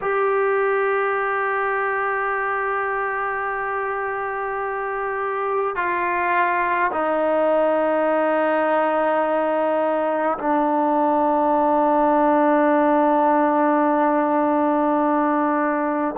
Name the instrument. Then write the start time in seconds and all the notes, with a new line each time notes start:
trombone
0.01 G4
5.75 F4
6.92 D#4
10.38 D4